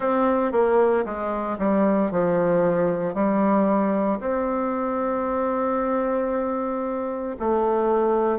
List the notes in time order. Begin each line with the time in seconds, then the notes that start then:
0.00 C4
0.52 A#3
1.05 G#3
1.58 G3
2.11 F3
3.14 G3
4.20 C4
7.39 A3